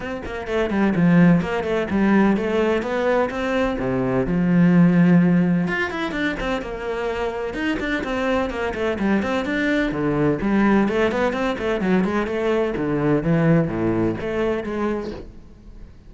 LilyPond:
\new Staff \with { instrumentName = "cello" } { \time 4/4 \tempo 4 = 127 c'8 ais8 a8 g8 f4 ais8 a8 | g4 a4 b4 c'4 | c4 f2. | f'8 e'8 d'8 c'8 ais2 |
dis'8 d'8 c'4 ais8 a8 g8 c'8 | d'4 d4 g4 a8 b8 | c'8 a8 fis8 gis8 a4 d4 | e4 a,4 a4 gis4 | }